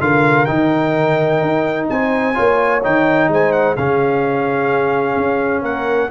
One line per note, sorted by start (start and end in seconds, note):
0.00 0.47 D3
0.00 0.46 F4
0.00 1.90 A#4
0.00 0.45 F5
0.45 1.41 D#3
0.45 2.34 D#4
0.45 1.86 G5
1.41 1.88 D#4
1.89 2.37 C4
1.89 2.35 C5
1.89 2.83 G#5
2.34 2.85 A#3
2.34 2.80 F4
2.34 3.29 C#5
2.83 3.28 D#3
2.83 3.77 D#4
2.83 3.30 G5
3.28 3.75 G#3
3.28 3.77 C5
3.28 3.52 G#5
3.52 3.75 F#5
3.76 5.16 C#3
3.76 6.10 C#4
3.76 5.62 G#4
3.76 5.64 F5
5.16 5.62 C#4
5.62 6.09 A#3
5.62 6.09 A#4
5.62 6.10 F#5